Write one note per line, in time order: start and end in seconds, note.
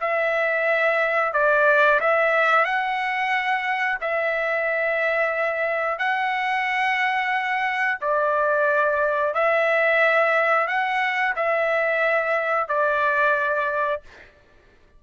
0.00 1.33 E5
1.33 1.99 D5
2.00 2.65 E5
2.65 3.98 F#5
4.01 5.98 E5
5.98 7.98 F#5
8.01 9.34 D5
9.34 10.67 E5
10.67 11.34 F#5
11.35 12.68 E5
12.68 14.01 D5